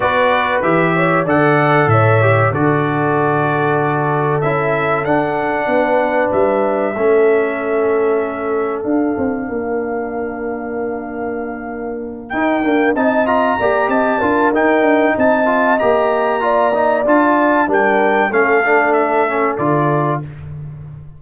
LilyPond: <<
  \new Staff \with { instrumentName = "trumpet" } { \time 4/4 \tempo 4 = 95 d''4 e''4 fis''4 e''4 | d''2. e''4 | fis''2 e''2~ | e''2 f''2~ |
f''2.~ f''8 g''8~ | g''8 a''8 ais''4 a''4 g''4 | a''4 ais''2 a''4 | g''4 f''4 e''4 d''4 | }
  \new Staff \with { instrumentName = "horn" } { \time 4/4 b'4. cis''8 d''4 cis''4 | a'1~ | a'4 b'2 a'4~ | a'2. ais'4~ |
ais'1~ | ais'8 dis''4 d''8 dis''8 ais'4. | dis''2 d''2 | ais'4 a'2. | }
  \new Staff \with { instrumentName = "trombone" } { \time 4/4 fis'4 g'4 a'4. g'8 | fis'2. e'4 | d'2. cis'4~ | cis'2 d'2~ |
d'2.~ d'8 dis'8 | ais8 dis'8 f'8 g'4 f'8 dis'4~ | dis'8 f'8 g'4 f'8 dis'8 f'4 | d'4 cis'8 d'4 cis'8 f'4 | }
  \new Staff \with { instrumentName = "tuba" } { \time 4/4 b4 e4 d4 a,4 | d2. cis'4 | d'4 b4 g4 a4~ | a2 d'8 c'8 ais4~ |
ais2.~ ais8 dis'8 | d'8 c'4 ais8 c'8 d'8 dis'8 d'8 | c'4 ais2 d'4 | g4 a2 d4 | }
>>